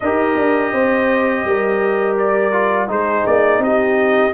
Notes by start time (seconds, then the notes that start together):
0.00 D#4 G4 A#4 D#5
0.36 D4
0.72 C4 C5
1.44 G3 A#4
2.17 D5
2.52 F4
2.87 G#3 D#4 G#4 C5
3.26 A#3 D5
3.58 C4 G4 D#5